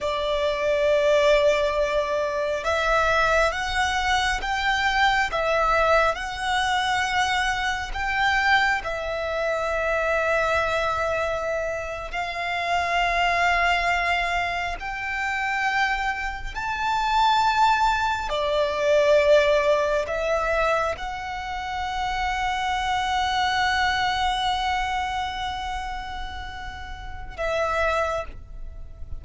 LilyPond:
\new Staff \with { instrumentName = "violin" } { \time 4/4 \tempo 4 = 68 d''2. e''4 | fis''4 g''4 e''4 fis''4~ | fis''4 g''4 e''2~ | e''4.~ e''16 f''2~ f''16~ |
f''8. g''2 a''4~ a''16~ | a''8. d''2 e''4 fis''16~ | fis''1~ | fis''2. e''4 | }